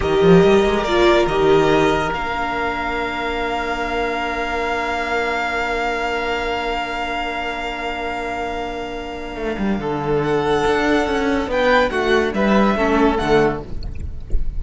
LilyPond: <<
  \new Staff \with { instrumentName = "violin" } { \time 4/4 \tempo 4 = 141 dis''2 d''4 dis''4~ | dis''4 f''2.~ | f''1~ | f''1~ |
f''1~ | f''1 | fis''2. g''4 | fis''4 e''2 fis''4 | }
  \new Staff \with { instrumentName = "violin" } { \time 4/4 ais'1~ | ais'1~ | ais'1~ | ais'1~ |
ais'1~ | ais'2. a'4~ | a'2. b'4 | fis'4 b'4 a'2 | }
  \new Staff \with { instrumentName = "viola" } { \time 4/4 g'2 f'4 g'4~ | g'4 d'2.~ | d'1~ | d'1~ |
d'1~ | d'1~ | d'1~ | d'2 cis'4 a4 | }
  \new Staff \with { instrumentName = "cello" } { \time 4/4 dis8 f8 g8 gis8 ais4 dis4~ | dis4 ais2.~ | ais1~ | ais1~ |
ais1~ | ais2 a8 g8 d4~ | d4 d'4 cis'4 b4 | a4 g4 a4 d4 | }
>>